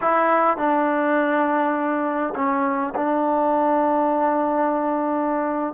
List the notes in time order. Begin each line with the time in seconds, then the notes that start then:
0.01 E4
0.57 D4
2.35 C#4
2.95 D4